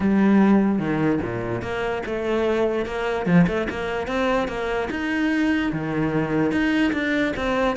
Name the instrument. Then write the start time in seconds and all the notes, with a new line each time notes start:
cello
0.00 G3
0.78 D#3
1.22 A#2
1.62 A#3
2.06 A3
2.85 A#3
3.26 F3
3.47 A3
3.69 A#3
4.07 C4
4.47 A#3
4.90 D#4
5.72 D#3
6.51 D#4
6.92 D4
7.36 C4